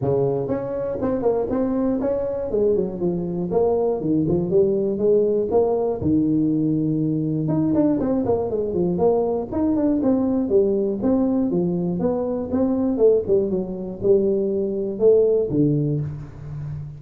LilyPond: \new Staff \with { instrumentName = "tuba" } { \time 4/4 \tempo 4 = 120 cis4 cis'4 c'8 ais8 c'4 | cis'4 gis8 fis8 f4 ais4 | dis8 f8 g4 gis4 ais4 | dis2. dis'8 d'8 |
c'8 ais8 gis8 f8 ais4 dis'8 d'8 | c'4 g4 c'4 f4 | b4 c'4 a8 g8 fis4 | g2 a4 d4 | }